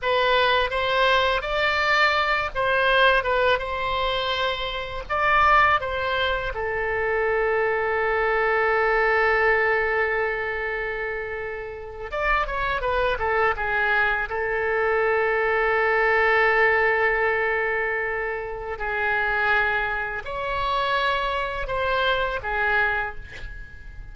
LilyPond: \new Staff \with { instrumentName = "oboe" } { \time 4/4 \tempo 4 = 83 b'4 c''4 d''4. c''8~ | c''8 b'8 c''2 d''4 | c''4 a'2.~ | a'1~ |
a'8. d''8 cis''8 b'8 a'8 gis'4 a'16~ | a'1~ | a'2 gis'2 | cis''2 c''4 gis'4 | }